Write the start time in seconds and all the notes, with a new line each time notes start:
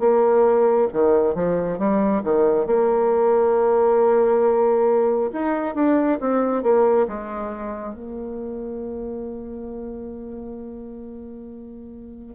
0.00 A#3
0.93 D#3
1.35 F3
1.79 G3
2.24 D#3
2.67 A#3
5.33 D#4
5.75 D4
6.21 C4
6.63 A#3
7.08 G#3
7.94 A#3